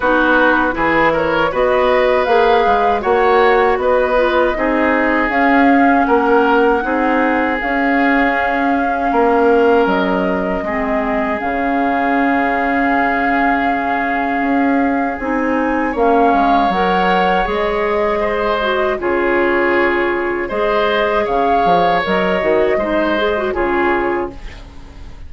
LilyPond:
<<
  \new Staff \with { instrumentName = "flute" } { \time 4/4 \tempo 4 = 79 b'4. cis''8 dis''4 f''4 | fis''4 dis''2 f''4 | fis''2 f''2~ | f''4 dis''2 f''4~ |
f''1 | gis''4 f''4 fis''4 dis''4~ | dis''4 cis''2 dis''4 | f''4 dis''2 cis''4 | }
  \new Staff \with { instrumentName = "oboe" } { \time 4/4 fis'4 gis'8 ais'8 b'2 | cis''4 b'4 gis'2 | ais'4 gis'2. | ais'2 gis'2~ |
gis'1~ | gis'4 cis''2. | c''4 gis'2 c''4 | cis''2 c''4 gis'4 | }
  \new Staff \with { instrumentName = "clarinet" } { \time 4/4 dis'4 e'4 fis'4 gis'4 | fis'4. f'8 dis'4 cis'4~ | cis'4 dis'4 cis'2~ | cis'2 c'4 cis'4~ |
cis'1 | dis'4 cis'4 ais'4 gis'4~ | gis'8 fis'8 f'2 gis'4~ | gis'4 ais'8 fis'8 dis'8 gis'16 fis'16 f'4 | }
  \new Staff \with { instrumentName = "bassoon" } { \time 4/4 b4 e4 b4 ais8 gis8 | ais4 b4 c'4 cis'4 | ais4 c'4 cis'2 | ais4 fis4 gis4 cis4~ |
cis2. cis'4 | c'4 ais8 gis8 fis4 gis4~ | gis4 cis2 gis4 | cis8 f8 fis8 dis8 gis4 cis4 | }
>>